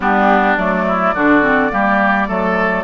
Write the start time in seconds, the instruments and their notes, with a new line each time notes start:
0.00 bassoon G3, clarinet B3, oboe D4, flute G4
0.57 bassoon F#3, clarinet A3, flute D5
0.87 oboe E4
1.13 bassoon D3, clarinet D4, oboe F#4
1.42 clarinet C4
1.70 bassoon G3, clarinet A#3, oboe G4
2.27 bassoon F#3, clarinet A3, oboe A4